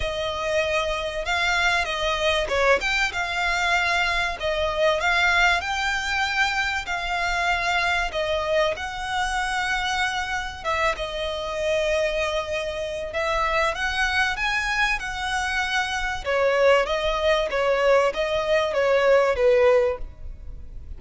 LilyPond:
\new Staff \with { instrumentName = "violin" } { \time 4/4 \tempo 4 = 96 dis''2 f''4 dis''4 | cis''8 g''8 f''2 dis''4 | f''4 g''2 f''4~ | f''4 dis''4 fis''2~ |
fis''4 e''8 dis''2~ dis''8~ | dis''4 e''4 fis''4 gis''4 | fis''2 cis''4 dis''4 | cis''4 dis''4 cis''4 b'4 | }